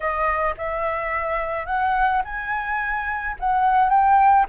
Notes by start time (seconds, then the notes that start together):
0.00 D#5
0.57 E5
1.66 F#5
2.24 G#5
3.39 F#5
3.89 G5